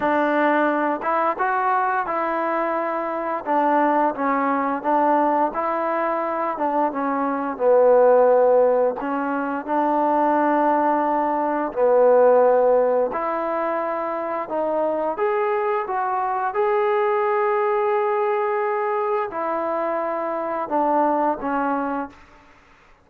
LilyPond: \new Staff \with { instrumentName = "trombone" } { \time 4/4 \tempo 4 = 87 d'4. e'8 fis'4 e'4~ | e'4 d'4 cis'4 d'4 | e'4. d'8 cis'4 b4~ | b4 cis'4 d'2~ |
d'4 b2 e'4~ | e'4 dis'4 gis'4 fis'4 | gis'1 | e'2 d'4 cis'4 | }